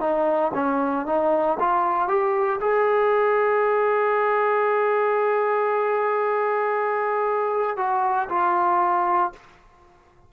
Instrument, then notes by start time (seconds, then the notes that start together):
trombone
0.00 D#4
0.54 C#4
1.06 D#4
1.60 F4
2.08 G4
2.61 G#4
7.77 F#4
8.29 F4